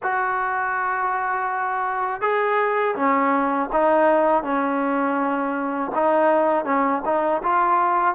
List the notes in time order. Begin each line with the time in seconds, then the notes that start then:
0.02 F#4
2.21 G#4
2.95 C#4
3.72 D#4
4.43 C#4
5.95 D#4
6.65 C#4
7.05 D#4
7.42 F4